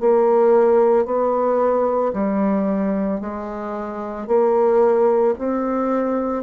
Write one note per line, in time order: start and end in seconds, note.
0.00 1.05 A#3
1.05 2.12 B3
2.13 3.20 G3
3.20 4.27 G#3
4.27 5.34 A#3
5.38 6.43 C4